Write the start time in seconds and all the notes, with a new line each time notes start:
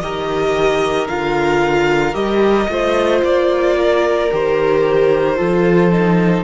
0.00 D#3 G4 A#4 D#5
1.08 D3 F4 F5
2.13 G3 G4 D#5
2.68 A3 F4 C5
3.23 A#3 D5
3.77 A#4
4.31 D#3 G4 C5
5.36 F3 F4 A4
5.92 D#4